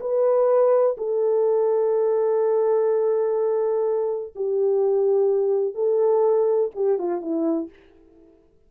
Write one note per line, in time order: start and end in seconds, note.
0.00 0.96 B4
0.97 4.33 A4
4.35 5.74 G4
5.74 6.70 A4
6.75 6.98 G4
6.98 7.21 F4
7.21 7.69 E4